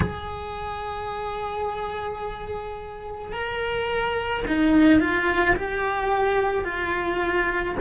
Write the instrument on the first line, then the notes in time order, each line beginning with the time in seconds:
cello
0.00 G#4
3.32 A#4
4.47 D#4
4.99 F4
5.56 G4
6.64 F4